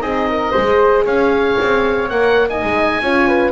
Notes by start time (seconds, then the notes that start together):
0.00 C4 D#4 G#4 D#5
0.30 A#4
0.52 G#3 G#4 C5
1.05 C#4 C#5 F5
1.61 C4
2.10 A#3 A#4 F#5
2.50 D#4 D#5 G#5
2.63 G#3
3.01 C#4 F4 C#5
3.28 B4